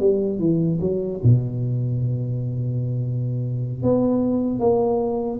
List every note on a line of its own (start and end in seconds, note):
0.00 0.39 G3
0.39 0.79 E3
0.80 1.20 F#3
1.23 3.83 B2
3.83 4.60 B3
4.60 5.40 A#3